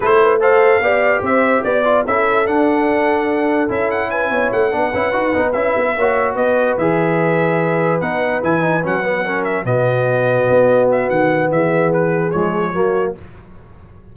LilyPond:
<<
  \new Staff \with { instrumentName = "trumpet" } { \time 4/4 \tempo 4 = 146 c''4 f''2 e''4 | d''4 e''4 fis''2~ | fis''4 e''8 fis''8 gis''4 fis''4~ | fis''4. e''2 dis''8~ |
dis''8 e''2. fis''8~ | fis''8 gis''4 fis''4. e''8 dis''8~ | dis''2~ dis''8 e''8 fis''4 | e''4 b'4 cis''2 | }
  \new Staff \with { instrumentName = "horn" } { \time 4/4 a'8 b'8 c''4 d''4 c''4 | d''4 a'2.~ | a'2 b'8 cis''4 b'8~ | b'2~ b'8 cis''4 b'8~ |
b'1~ | b'2~ b'8 ais'4 fis'8~ | fis'1 | gis'2. fis'4 | }
  \new Staff \with { instrumentName = "trombone" } { \time 4/4 e'4 a'4 g'2~ | g'8 f'8 e'4 d'2~ | d'4 e'2~ e'8 d'8 | e'8 fis'8 dis'8 e'4 fis'4.~ |
fis'8 gis'2. dis'8~ | dis'8 e'8 dis'8 cis'8 b8 cis'4 b8~ | b1~ | b2 gis4 ais4 | }
  \new Staff \with { instrumentName = "tuba" } { \time 4/4 a2 b4 c'4 | b4 cis'4 d'2~ | d'4 cis'4. b8 a8 b8 | cis'8 dis'8 b8 cis'8 b8 ais4 b8~ |
b8 e2. b8~ | b8 e4 fis2 b,8~ | b,4. b4. dis4 | e2 f4 fis4 | }
>>